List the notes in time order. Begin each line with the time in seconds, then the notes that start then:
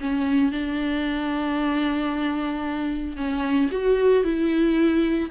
0.00 C#4
0.51 D4
3.16 C#4
3.71 F#4
4.24 E4